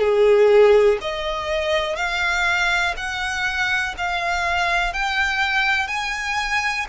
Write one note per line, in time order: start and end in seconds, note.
0.00 0.98 G#4
1.02 1.96 D#5
1.96 2.95 F5
2.97 3.95 F#5
3.98 4.94 F5
4.94 5.88 G5
5.88 6.86 G#5